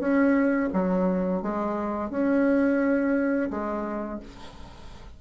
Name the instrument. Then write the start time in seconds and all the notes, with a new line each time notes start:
bassoon
0.00 C#4
0.73 F#3
1.42 G#3
2.10 C#4
3.50 G#3